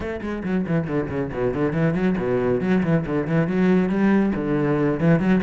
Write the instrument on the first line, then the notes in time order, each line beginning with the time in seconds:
cello
0.00 A3
0.21 G#3
0.43 F#3
0.66 E3
0.87 D3
1.09 C#3
1.32 B2
1.54 D3
1.73 E3
1.93 F#3
2.17 B2
2.61 F#3
2.83 E3
3.06 D3
3.27 E3
3.47 F#3
3.89 G3
4.35 D3
5.00 E3
5.19 F#3